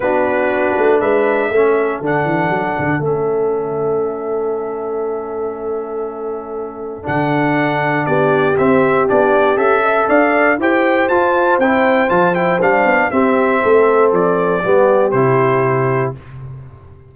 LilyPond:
<<
  \new Staff \with { instrumentName = "trumpet" } { \time 4/4 \tempo 4 = 119 b'2 e''2 | fis''2 e''2~ | e''1~ | e''2 fis''2 |
d''4 e''4 d''4 e''4 | f''4 g''4 a''4 g''4 | a''8 g''8 f''4 e''2 | d''2 c''2 | }
  \new Staff \with { instrumentName = "horn" } { \time 4/4 fis'2 b'4 a'4~ | a'1~ | a'1~ | a'1 |
g'2.~ g'8 e''8 | d''4 c''2.~ | c''2 g'4 a'4~ | a'4 g'2. | }
  \new Staff \with { instrumentName = "trombone" } { \time 4/4 d'2. cis'4 | d'2 cis'2~ | cis'1~ | cis'2 d'2~ |
d'4 c'4 d'4 a'4~ | a'4 g'4 f'4 e'4 | f'8 e'8 d'4 c'2~ | c'4 b4 e'2 | }
  \new Staff \with { instrumentName = "tuba" } { \time 4/4 b4. a8 gis4 a4 | d8 e8 fis8 d8 a2~ | a1~ | a2 d2 |
b4 c'4 b4 cis'4 | d'4 e'4 f'4 c'4 | f4 g8 b8 c'4 a4 | f4 g4 c2 | }
>>